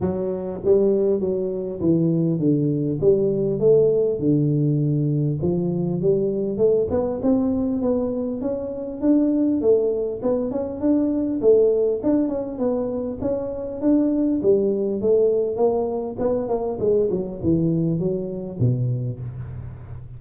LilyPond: \new Staff \with { instrumentName = "tuba" } { \time 4/4 \tempo 4 = 100 fis4 g4 fis4 e4 | d4 g4 a4 d4~ | d4 f4 g4 a8 b8 | c'4 b4 cis'4 d'4 |
a4 b8 cis'8 d'4 a4 | d'8 cis'8 b4 cis'4 d'4 | g4 a4 ais4 b8 ais8 | gis8 fis8 e4 fis4 b,4 | }